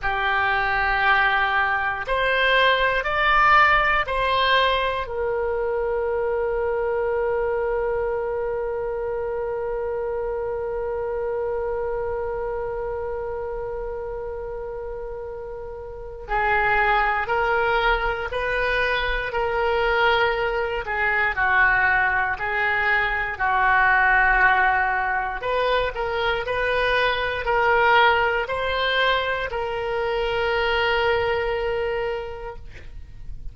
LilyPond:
\new Staff \with { instrumentName = "oboe" } { \time 4/4 \tempo 4 = 59 g'2 c''4 d''4 | c''4 ais'2.~ | ais'1~ | ais'1 |
gis'4 ais'4 b'4 ais'4~ | ais'8 gis'8 fis'4 gis'4 fis'4~ | fis'4 b'8 ais'8 b'4 ais'4 | c''4 ais'2. | }